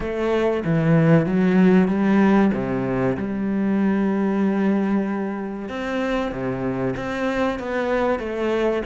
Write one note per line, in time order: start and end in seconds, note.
0.00 0.63 A3
0.64 1.26 E3
1.26 1.88 F#3
1.88 2.51 G3
2.53 3.16 C3
3.17 5.68 G3
5.68 6.31 C4
6.31 6.94 C3
6.96 7.59 C4
7.59 8.19 B3
8.19 8.82 A3